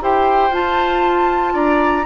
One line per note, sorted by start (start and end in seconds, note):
0.00 0.50 E4
0.00 0.51 G4
0.00 1.53 C5
0.00 0.53 G5
0.50 1.52 F4
0.50 2.05 F4
0.50 1.55 A5
1.53 2.05 D4
1.53 2.04 D5
1.53 2.05 A#5